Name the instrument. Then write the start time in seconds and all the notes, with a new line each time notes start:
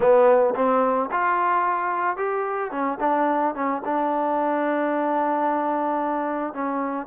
trombone
0.00 B3
0.55 C4
1.11 F4
2.16 G4
2.71 C#4
3.00 D4
3.55 C#4
3.85 D4
6.53 C#4